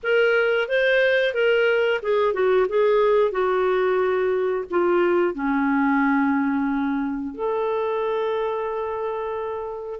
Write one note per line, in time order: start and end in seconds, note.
0.03 0.68 A#4
0.68 1.34 C5
1.34 2.00 A#4
2.02 2.33 G#4
2.33 2.67 F#4
2.68 3.31 G#4
3.31 4.65 F#4
4.70 5.34 F4
5.34 7.34 C#4
7.34 9.99 A4